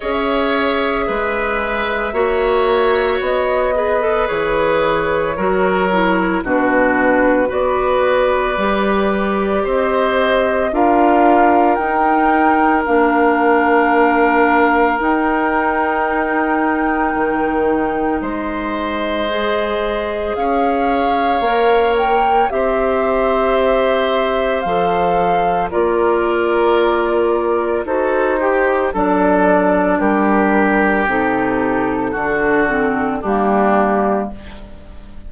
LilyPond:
<<
  \new Staff \with { instrumentName = "flute" } { \time 4/4 \tempo 4 = 56 e''2. dis''4 | cis''2 b'4 d''4~ | d''4 dis''4 f''4 g''4 | f''2 g''2~ |
g''4 dis''2 f''4~ | f''8 g''8 e''2 f''4 | d''2 c''4 d''4 | ais'4 a'2 g'4 | }
  \new Staff \with { instrumentName = "oboe" } { \time 4/4 cis''4 b'4 cis''4. b'8~ | b'4 ais'4 fis'4 b'4~ | b'4 c''4 ais'2~ | ais'1~ |
ais'4 c''2 cis''4~ | cis''4 c''2. | ais'2 a'8 g'8 a'4 | g'2 fis'4 d'4 | }
  \new Staff \with { instrumentName = "clarinet" } { \time 4/4 gis'2 fis'4. gis'16 a'16 | gis'4 fis'8 e'8 d'4 fis'4 | g'2 f'4 dis'4 | d'2 dis'2~ |
dis'2 gis'2 | ais'4 g'2 a'4 | f'2 fis'8 g'8 d'4~ | d'4 dis'4 d'8 c'8 ais4 | }
  \new Staff \with { instrumentName = "bassoon" } { \time 4/4 cis'4 gis4 ais4 b4 | e4 fis4 b,4 b4 | g4 c'4 d'4 dis'4 | ais2 dis'2 |
dis4 gis2 cis'4 | ais4 c'2 f4 | ais2 dis'4 fis4 | g4 c4 d4 g4 | }
>>